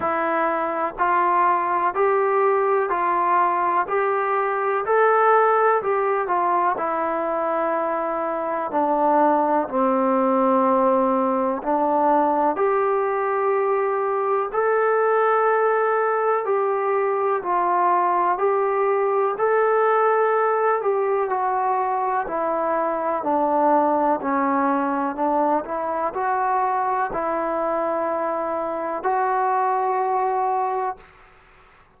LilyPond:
\new Staff \with { instrumentName = "trombone" } { \time 4/4 \tempo 4 = 62 e'4 f'4 g'4 f'4 | g'4 a'4 g'8 f'8 e'4~ | e'4 d'4 c'2 | d'4 g'2 a'4~ |
a'4 g'4 f'4 g'4 | a'4. g'8 fis'4 e'4 | d'4 cis'4 d'8 e'8 fis'4 | e'2 fis'2 | }